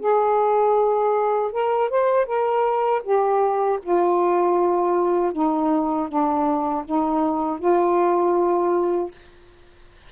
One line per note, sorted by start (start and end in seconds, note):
0.00 1.52 G#4
1.52 1.90 A#4
1.90 2.26 C5
2.26 3.02 A#4
3.03 3.79 G4
3.83 5.32 F4
5.32 6.08 D#4
6.08 6.84 D4
6.85 7.59 D#4
7.59 9.11 F4